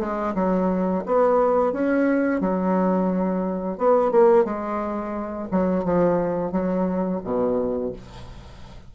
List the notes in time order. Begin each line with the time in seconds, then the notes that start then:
0.00 G#3
0.35 F#3
1.06 B3
1.73 C#4
2.41 F#3
3.78 B3
4.12 A#3
4.45 G#3
5.52 F#3
5.84 F3
6.52 F#3
7.24 B2